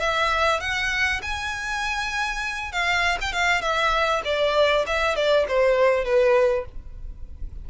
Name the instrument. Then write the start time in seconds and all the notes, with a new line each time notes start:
violin
0.00 E5
0.61 F#5
1.22 G#5
2.72 F5
3.21 G5
3.33 F5
3.61 E5
4.25 D5
4.87 E5
5.16 D5
5.48 C5
6.05 B4